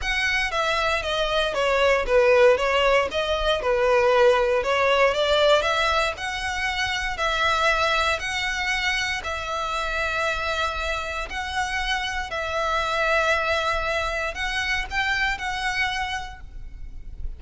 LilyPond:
\new Staff \with { instrumentName = "violin" } { \time 4/4 \tempo 4 = 117 fis''4 e''4 dis''4 cis''4 | b'4 cis''4 dis''4 b'4~ | b'4 cis''4 d''4 e''4 | fis''2 e''2 |
fis''2 e''2~ | e''2 fis''2 | e''1 | fis''4 g''4 fis''2 | }